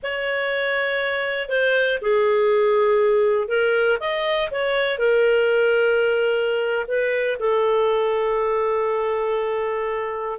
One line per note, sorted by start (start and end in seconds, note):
0.02 1.48 C#5
1.48 1.98 C5
2.01 3.48 G#4
3.48 3.98 A#4
4.00 4.50 D#5
4.50 4.98 C#5
4.98 6.85 A#4
6.87 7.37 B4
7.39 10.38 A4